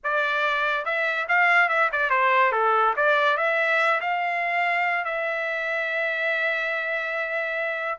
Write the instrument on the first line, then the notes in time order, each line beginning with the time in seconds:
trumpet
0.03 D5
0.85 E5
1.28 F5
1.69 E5
1.91 D5
2.10 C5
2.52 A4
2.96 D5
3.37 E5
4.00 F5
5.04 E5